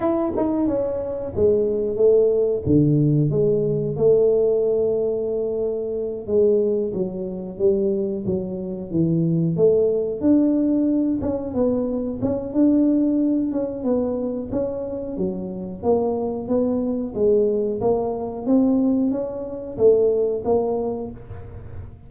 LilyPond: \new Staff \with { instrumentName = "tuba" } { \time 4/4 \tempo 4 = 91 e'8 dis'8 cis'4 gis4 a4 | d4 gis4 a2~ | a4. gis4 fis4 g8~ | g8 fis4 e4 a4 d'8~ |
d'4 cis'8 b4 cis'8 d'4~ | d'8 cis'8 b4 cis'4 fis4 | ais4 b4 gis4 ais4 | c'4 cis'4 a4 ais4 | }